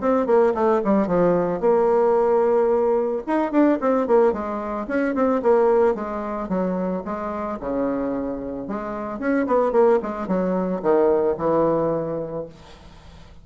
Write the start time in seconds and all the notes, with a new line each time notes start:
0.00 C4
0.26 A#3
0.54 A3
0.84 G3
1.07 F3
1.60 A#3
3.27 D#4
3.51 D4
3.81 C4
4.07 A#3
4.32 G#3
4.87 C#4
5.14 C4
5.42 A#3
5.95 G#3
6.49 F#3
7.05 G#3
7.60 C#3
8.67 G#3
9.19 C#4
9.46 B3
9.72 A#3
10.02 G#3
10.28 F#3
10.82 D#3
11.38 E3